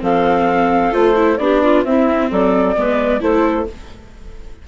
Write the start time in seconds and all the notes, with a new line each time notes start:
0.00 F3 C4 A4 F5
0.91 A3 F4 C5
1.16 E4
1.37 B3 D4 G4 D5
1.63 F4
1.84 C4 E4 E5
2.29 F#3 A4 D5
2.75 G#3 B3 B4
3.20 A3 E4 A4 C5